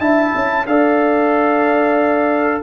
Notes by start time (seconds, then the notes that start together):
0.00 D4 E4 E5 A5
0.35 C#4
0.66 D4 A4 D5 F5